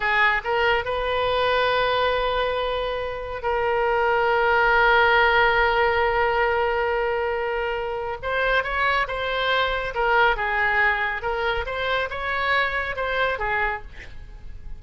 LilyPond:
\new Staff \with { instrumentName = "oboe" } { \time 4/4 \tempo 4 = 139 gis'4 ais'4 b'2~ | b'1 | ais'1~ | ais'1~ |
ais'2. c''4 | cis''4 c''2 ais'4 | gis'2 ais'4 c''4 | cis''2 c''4 gis'4 | }